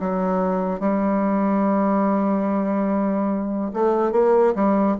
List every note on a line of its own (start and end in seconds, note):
0.00 0.80 F#3
0.80 3.71 G3
3.73 4.12 A3
4.12 4.54 A#3
4.55 4.97 G3